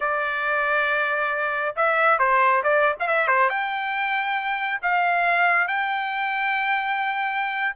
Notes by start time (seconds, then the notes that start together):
0.00 D5
1.76 E5
2.18 C5
2.63 D5
2.99 F5
3.07 E5
3.27 C5
3.49 G5
4.82 F5
5.67 G5